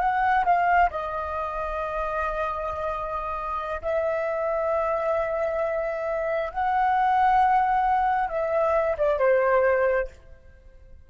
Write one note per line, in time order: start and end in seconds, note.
0.00 0.45 F#5
0.45 0.90 F5
0.90 3.81 D#5
3.82 6.51 E5
6.51 8.29 F#5
8.29 8.96 E5
8.98 9.19 D5
9.19 10.08 C5